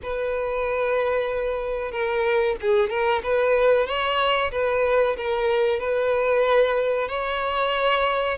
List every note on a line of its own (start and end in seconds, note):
0.03 1.91 B4
1.91 2.56 A#4
2.61 2.89 G#4
2.89 3.22 A#4
3.23 3.87 B4
3.87 4.51 C#5
4.51 5.16 B4
5.16 5.79 A#4
5.79 7.08 B4
7.08 8.37 C#5